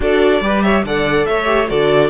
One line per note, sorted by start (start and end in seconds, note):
0.00 0.40 D4
0.00 0.42 F#4
0.00 0.43 A4
0.00 0.62 D5
0.40 0.83 G3
0.40 0.84 G4
0.40 0.64 B4
0.62 0.85 C#5
0.62 0.83 E5
0.83 1.25 D3
0.83 1.45 A4
0.83 1.27 D5
0.83 1.25 F#5
1.25 1.70 A3
1.25 1.69 C#5
1.25 1.67 E5
1.45 1.66 G4
1.68 2.09 D3
1.68 2.09 F#4
1.68 2.09 A4
1.68 2.09 D5